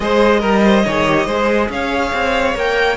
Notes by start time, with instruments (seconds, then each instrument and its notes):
0.00 cello G#3, viola G#4, violin C5 D#5
0.39 cello G3, violin A#4, viola A#4
0.64 violin C5
0.85 cello D#3, viola G#4, violin C#5
1.06 viola G4
1.26 cello G#3, viola G#4, violin C5
1.69 cello C#4, violin C#5 F5
2.13 cello C4
2.54 cello A#3, viola A#4, violin G5